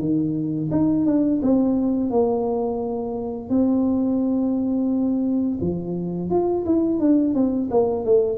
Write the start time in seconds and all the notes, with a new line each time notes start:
0.00 D#3
0.71 D#4
1.06 D4
1.43 C4
2.11 A#3
3.50 C4
5.61 F3
6.30 F4
6.66 E4
7.00 D4
7.35 C4
7.71 A#3
8.05 A3